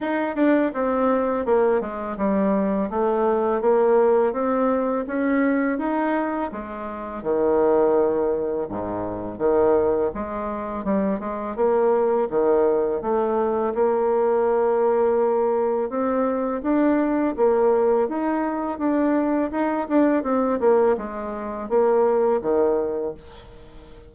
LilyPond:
\new Staff \with { instrumentName = "bassoon" } { \time 4/4 \tempo 4 = 83 dis'8 d'8 c'4 ais8 gis8 g4 | a4 ais4 c'4 cis'4 | dis'4 gis4 dis2 | gis,4 dis4 gis4 g8 gis8 |
ais4 dis4 a4 ais4~ | ais2 c'4 d'4 | ais4 dis'4 d'4 dis'8 d'8 | c'8 ais8 gis4 ais4 dis4 | }